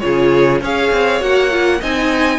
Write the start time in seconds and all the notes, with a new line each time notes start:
0.00 C#3 F4 G#4 C#5
0.61 C#4 G#4 C#5 F5
0.92 C4
1.21 A#3 F#4 F#5
1.51 F4
1.80 C4 D#4 D#5 G#5